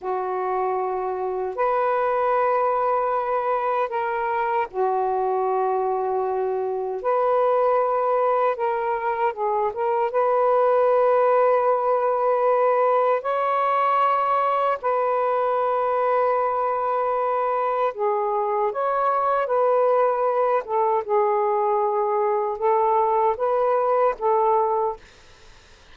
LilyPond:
\new Staff \with { instrumentName = "saxophone" } { \time 4/4 \tempo 4 = 77 fis'2 b'2~ | b'4 ais'4 fis'2~ | fis'4 b'2 ais'4 | gis'8 ais'8 b'2.~ |
b'4 cis''2 b'4~ | b'2. gis'4 | cis''4 b'4. a'8 gis'4~ | gis'4 a'4 b'4 a'4 | }